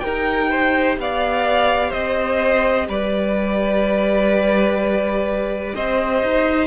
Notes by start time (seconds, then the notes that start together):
0.00 D#4 G4 A#4 G5
0.51 C5
0.98 B3 D5 F5
1.90 C4 C5 D#5
2.88 G3 B4 D5
5.75 C4 C5 D#5
6.23 D#4